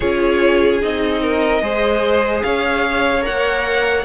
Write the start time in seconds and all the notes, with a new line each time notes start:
0.00 C#4 F4 G#4 C#5
0.80 C4 D#4 D#5
1.21 A#4
1.61 G#3 G#4 C5
2.42 C#4 C#5 F5
3.22 A#3 A#4 F#5